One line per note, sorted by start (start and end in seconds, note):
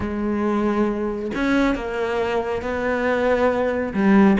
0.00 1.31 G#3
1.34 1.75 C#4
1.75 2.62 A#3
2.62 3.93 B3
3.93 4.37 G3